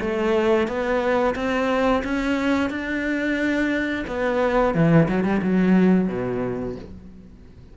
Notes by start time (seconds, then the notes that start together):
0.00 A3
0.67 B3
1.35 C4
2.04 C#4
2.70 D4
4.07 B3
4.74 E3
5.09 F#3
5.24 G3
5.42 F#3
6.08 B2